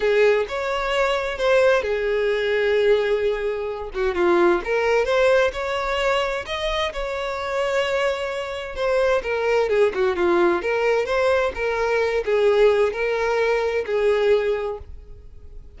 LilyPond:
\new Staff \with { instrumentName = "violin" } { \time 4/4 \tempo 4 = 130 gis'4 cis''2 c''4 | gis'1~ | gis'8 fis'8 f'4 ais'4 c''4 | cis''2 dis''4 cis''4~ |
cis''2. c''4 | ais'4 gis'8 fis'8 f'4 ais'4 | c''4 ais'4. gis'4. | ais'2 gis'2 | }